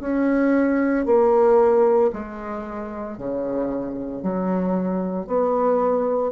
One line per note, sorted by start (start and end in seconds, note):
0.00 1.05 C#4
1.06 2.11 A#3
2.13 3.17 G#3
3.17 4.22 C#3
4.22 5.27 F#3
5.27 6.32 B3